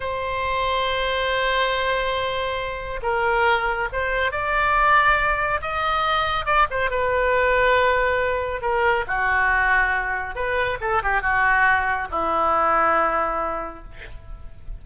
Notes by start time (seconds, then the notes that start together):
0.00 C5
3.02 A#4
3.92 C5
4.31 D5
5.61 D#5
6.45 D5
6.70 C5
6.90 B4
8.61 A#4
9.07 F#4
10.35 B4
10.80 A4
11.02 G4
11.21 F#4
12.10 E4